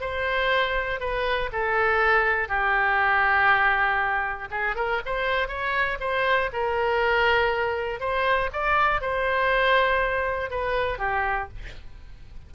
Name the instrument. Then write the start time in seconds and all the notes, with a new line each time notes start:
oboe
0.00 C5
1.00 B4
1.52 A4
2.48 G4
4.50 G#4
4.75 A#4
5.05 C5
5.47 C#5
6.00 C5
6.52 A#4
8.00 C5
8.52 D5
9.01 C5
10.50 B4
10.98 G4